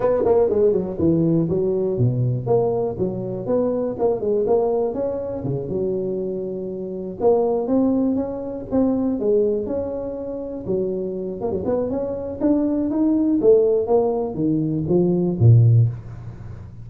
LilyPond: \new Staff \with { instrumentName = "tuba" } { \time 4/4 \tempo 4 = 121 b8 ais8 gis8 fis8 e4 fis4 | b,4 ais4 fis4 b4 | ais8 gis8 ais4 cis'4 cis8 fis8~ | fis2~ fis8 ais4 c'8~ |
c'8 cis'4 c'4 gis4 cis'8~ | cis'4. fis4. ais16 fis16 b8 | cis'4 d'4 dis'4 a4 | ais4 dis4 f4 ais,4 | }